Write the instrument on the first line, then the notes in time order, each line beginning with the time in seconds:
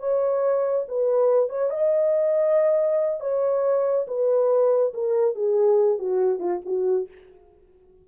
horn
0.00 C#5
0.89 B4
1.50 C#5
1.70 D#5
3.21 C#5
4.08 B4
4.94 A#4
5.35 G#4
5.99 F#4
6.40 F4
6.66 F#4